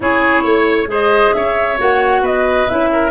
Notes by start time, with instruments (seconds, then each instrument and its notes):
0.00 tuba C#4, clarinet E4, oboe G#4, flute C#5
0.43 tuba A3, oboe C#5
0.86 tuba G#3, clarinet G#4, oboe C5, flute D#5
1.33 tuba C#4, oboe C#5, flute E5
1.78 tuba A#3, clarinet F#4, flute F#5
2.21 tuba B3, oboe B4, flute D#5
2.69 tuba C#4, clarinet E4, flute E5
2.92 oboe A#4